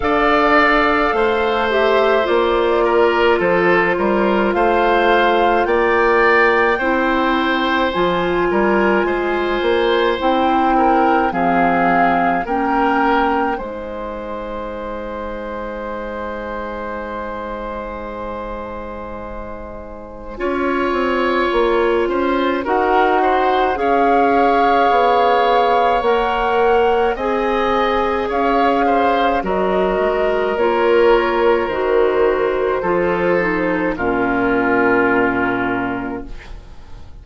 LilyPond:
<<
  \new Staff \with { instrumentName = "flute" } { \time 4/4 \tempo 4 = 53 f''4. e''8 d''4 c''4 | f''4 g''2 gis''4~ | gis''4 g''4 f''4 g''4 | gis''1~ |
gis''1 | fis''4 f''2 fis''4 | gis''4 f''4 dis''4 cis''4 | c''2 ais'2 | }
  \new Staff \with { instrumentName = "oboe" } { \time 4/4 d''4 c''4. ais'8 a'8 ais'8 | c''4 d''4 c''4. ais'8 | c''4. ais'8 gis'4 ais'4 | c''1~ |
c''2 cis''4. c''8 | ais'8 c''8 cis''2. | dis''4 cis''8 c''8 ais'2~ | ais'4 a'4 f'2 | }
  \new Staff \with { instrumentName = "clarinet" } { \time 4/4 a'4. g'8 f'2~ | f'2 e'4 f'4~ | f'4 e'4 c'4 cis'4 | dis'1~ |
dis'2 f'2 | fis'4 gis'2 ais'4 | gis'2 fis'4 f'4 | fis'4 f'8 dis'8 cis'2 | }
  \new Staff \with { instrumentName = "bassoon" } { \time 4/4 d'4 a4 ais4 f8 g8 | a4 ais4 c'4 f8 g8 | gis8 ais8 c'4 f4 ais4 | gis1~ |
gis2 cis'8 c'8 ais8 cis'8 | dis'4 cis'4 b4 ais4 | c'4 cis'4 fis8 gis8 ais4 | dis4 f4 ais,2 | }
>>